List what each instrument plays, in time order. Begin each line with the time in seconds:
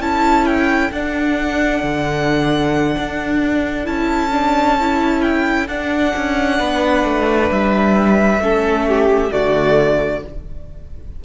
0.00 cello C#4, viola E4, violin A4 A5
0.46 violin G5
0.91 cello D4, viola D4, violin F#5
1.82 cello D3
2.98 cello D4
3.84 cello C#4, viola E4, violin A5
4.32 viola D4
4.80 viola E4
5.22 violin G5
5.68 cello D4, viola D4, violin F#5
6.16 cello C#4
6.59 cello B3, violin B4
7.04 cello A3
7.51 cello G3, violin E5
8.39 cello A3, viola C#4, violin A4
8.88 violin G4
9.30 cello D3, viola A3, violin F#4 D5